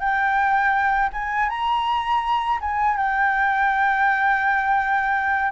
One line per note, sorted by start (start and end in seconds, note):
0.00 1.10 G5
1.13 1.49 G#5
1.49 2.59 A#5
2.61 2.97 G#5
2.97 5.52 G5